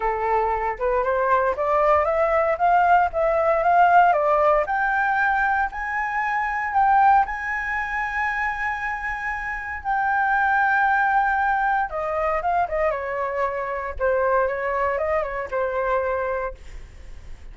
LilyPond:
\new Staff \with { instrumentName = "flute" } { \time 4/4 \tempo 4 = 116 a'4. b'8 c''4 d''4 | e''4 f''4 e''4 f''4 | d''4 g''2 gis''4~ | gis''4 g''4 gis''2~ |
gis''2. g''4~ | g''2. dis''4 | f''8 dis''8 cis''2 c''4 | cis''4 dis''8 cis''8 c''2 | }